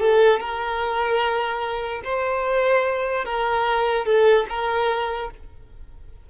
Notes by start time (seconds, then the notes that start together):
0.00 A4
0.40 A#4
2.05 C5
3.25 A#4
4.05 A4
4.49 A#4